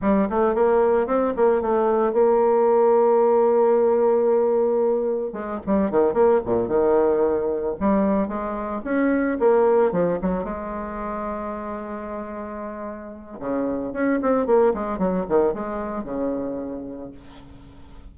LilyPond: \new Staff \with { instrumentName = "bassoon" } { \time 4/4 \tempo 4 = 112 g8 a8 ais4 c'8 ais8 a4 | ais1~ | ais2 gis8 g8 dis8 ais8 | ais,8 dis2 g4 gis8~ |
gis8 cis'4 ais4 f8 fis8 gis8~ | gis1~ | gis4 cis4 cis'8 c'8 ais8 gis8 | fis8 dis8 gis4 cis2 | }